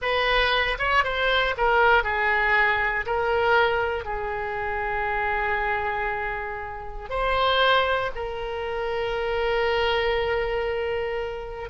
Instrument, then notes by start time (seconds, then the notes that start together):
oboe
0.01 B4
0.78 C#5
1.04 C5
1.57 A#4
2.03 G#4
3.05 A#4
4.04 G#4
7.09 C5
8.15 A#4